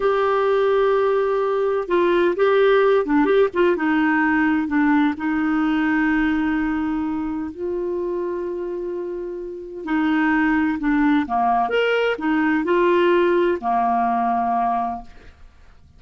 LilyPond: \new Staff \with { instrumentName = "clarinet" } { \time 4/4 \tempo 4 = 128 g'1 | f'4 g'4. d'8 g'8 f'8 | dis'2 d'4 dis'4~ | dis'1 |
f'1~ | f'4 dis'2 d'4 | ais4 ais'4 dis'4 f'4~ | f'4 ais2. | }